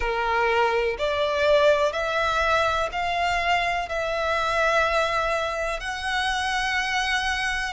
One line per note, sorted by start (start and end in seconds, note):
0.00 0.96 A#4
0.98 1.92 D5
1.92 2.89 E5
2.92 3.88 F5
3.88 5.79 E5
5.79 7.73 F#5